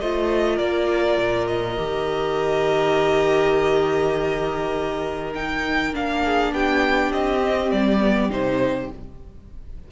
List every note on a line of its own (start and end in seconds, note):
0.00 0.59 A3
0.00 1.77 F4
0.00 0.56 C5
0.00 0.58 D#5
0.56 1.18 A#3
0.56 6.20 A#4
0.56 1.47 D5
1.18 1.78 A#2
1.47 5.34 D#5
1.77 5.95 D#3
1.77 5.34 G4
5.35 5.93 D#4
5.35 5.94 G5
5.93 6.53 A#3
5.93 7.41 D4
5.93 6.54 F5
6.25 6.54 G#4
6.53 7.12 B3
6.53 8.92 G4
6.53 7.12 G5
7.12 7.72 C4
7.12 7.71 D#5
7.41 8.00 C4
7.71 8.30 G3
7.71 8.31 D5
8.00 8.30 B3
8.30 8.89 C3
8.30 8.90 D#4
8.30 8.92 C5